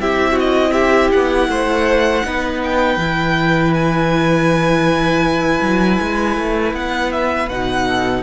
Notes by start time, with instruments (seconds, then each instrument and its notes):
0.00 cello C4, viola E4, violin G4 E5
0.32 violin F#4
0.40 violin D#5
0.73 violin G4 E5
1.12 cello B3, violin F#5
1.48 cello A3, violin C5
2.24 cello B3, viola D#4, violin B4
2.64 violin G5
2.97 cello E3, viola E4
3.74 violin G#5
5.62 cello F#3
6.01 cello G#3
6.38 cello A3
6.73 cello B3, violin F#5
7.12 violin E5
7.49 cello B2, viola D#4, violin F#5
7.88 violin A4